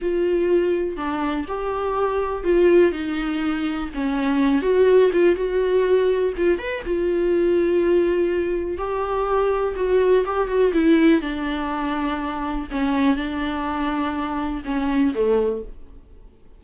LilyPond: \new Staff \with { instrumentName = "viola" } { \time 4/4 \tempo 4 = 123 f'2 d'4 g'4~ | g'4 f'4 dis'2 | cis'4. fis'4 f'8 fis'4~ | fis'4 f'8 b'8 f'2~ |
f'2 g'2 | fis'4 g'8 fis'8 e'4 d'4~ | d'2 cis'4 d'4~ | d'2 cis'4 a4 | }